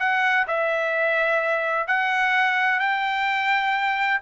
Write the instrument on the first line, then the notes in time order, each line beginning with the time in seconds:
trumpet
0.00 F#5
0.48 E5
1.88 F#5
2.80 G5